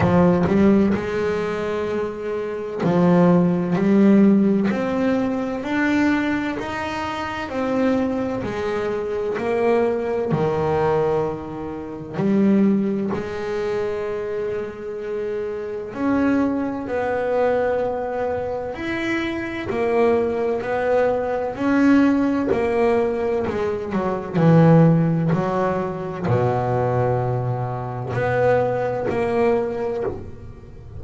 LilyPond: \new Staff \with { instrumentName = "double bass" } { \time 4/4 \tempo 4 = 64 f8 g8 gis2 f4 | g4 c'4 d'4 dis'4 | c'4 gis4 ais4 dis4~ | dis4 g4 gis2~ |
gis4 cis'4 b2 | e'4 ais4 b4 cis'4 | ais4 gis8 fis8 e4 fis4 | b,2 b4 ais4 | }